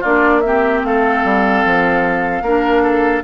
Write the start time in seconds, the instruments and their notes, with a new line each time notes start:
0.00 bassoon A#3, clarinet D4, oboe F4, flute D5
0.41 clarinet C4, oboe G4, flute E5
0.83 bassoon A3, oboe A4, flute F5
1.24 bassoon G3
1.65 bassoon F3
2.42 bassoon A#3, clarinet D4, oboe A#4
2.82 oboe A4